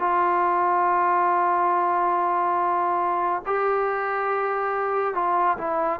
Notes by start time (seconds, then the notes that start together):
0.00 F4
3.46 G4
5.15 F4
5.58 E4